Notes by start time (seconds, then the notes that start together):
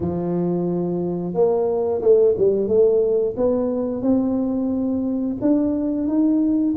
0.00 F3
1.33 A#3
2.01 A3
2.37 G3
2.68 A3
3.36 B3
4.01 C4
5.41 D4
6.07 D#4